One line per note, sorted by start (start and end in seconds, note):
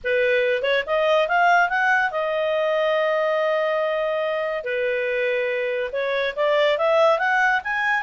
0.03 0.62 B4
0.62 0.83 C#5
0.86 1.28 D#5
1.28 1.69 F5
1.69 2.11 F#5
2.11 4.64 D#5
4.64 5.90 B4
5.92 6.34 C#5
6.36 6.78 D5
6.78 7.18 E5
7.18 7.61 F#5
7.64 8.02 G#5